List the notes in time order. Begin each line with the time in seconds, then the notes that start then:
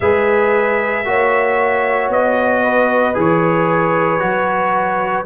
0.00 G#3 G#4 B4 E5
1.04 A#3 F#4 C#5
2.09 B3 D#5
2.63 B4
3.14 E3 G#4 C#5
4.19 F#3 F#4